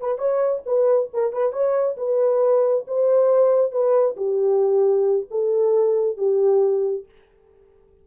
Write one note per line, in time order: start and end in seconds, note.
0.00 0.18 B4
0.18 0.62 C#5
0.65 1.09 B4
1.13 1.32 A#4
1.32 1.52 B4
1.52 1.96 C#5
1.97 2.85 B4
2.87 3.71 C5
3.71 4.16 B4
4.16 5.27 G4
5.30 6.17 A4
6.17 7.05 G4